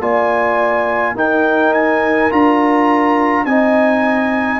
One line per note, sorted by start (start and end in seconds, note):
0.00 1.14 A#3
0.00 1.16 F4
0.00 1.16 D5
0.00 1.16 G#5
1.14 2.30 D#4
1.14 2.31 D#4
1.14 3.46 A#4
1.14 1.74 G5
1.74 2.31 G#5
2.31 3.45 D4
2.31 3.46 F4
2.31 3.45 A#5
3.45 4.60 C4
3.45 4.60 D#4
3.45 4.60 D#5
3.45 4.60 G#5